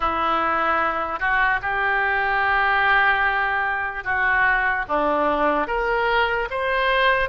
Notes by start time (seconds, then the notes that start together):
0.00 E4
1.19 F#4
1.61 G4
4.04 F#4
4.88 D4
5.67 A#4
6.50 C5